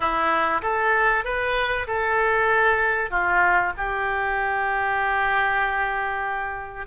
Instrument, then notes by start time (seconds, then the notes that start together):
oboe
0.00 E4
0.61 A4
1.24 B4
1.87 A4
3.10 F4
3.77 G4